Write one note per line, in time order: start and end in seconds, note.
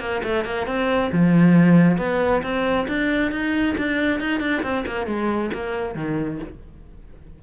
0.00 0.22 A#3
0.24 0.45 A3
0.45 0.67 A#3
0.67 1.11 C4
1.12 1.98 F3
1.98 2.42 B3
2.43 2.87 C4
2.88 3.31 D4
3.31 3.76 D#4
3.78 4.20 D4
4.20 4.40 D#4
4.40 4.62 D4
4.63 4.85 C4
4.87 5.07 A#3
5.07 5.51 G#3
5.54 5.95 A#3
5.95 6.39 D#3